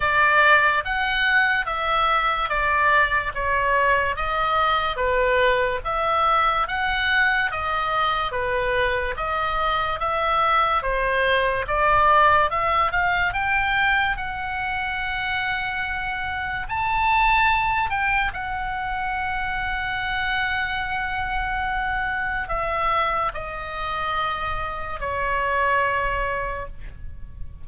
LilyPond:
\new Staff \with { instrumentName = "oboe" } { \time 4/4 \tempo 4 = 72 d''4 fis''4 e''4 d''4 | cis''4 dis''4 b'4 e''4 | fis''4 dis''4 b'4 dis''4 | e''4 c''4 d''4 e''8 f''8 |
g''4 fis''2. | a''4. g''8 fis''2~ | fis''2. e''4 | dis''2 cis''2 | }